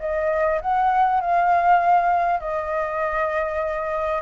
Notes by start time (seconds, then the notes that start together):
0.00 D#5
0.62 F#5
1.21 F5
2.40 D#5